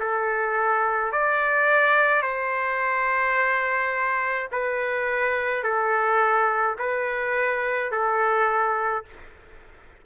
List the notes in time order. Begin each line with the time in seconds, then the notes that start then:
0.00 A4
1.12 D5
2.22 C5
4.52 B4
5.63 A4
6.79 B4
7.91 A4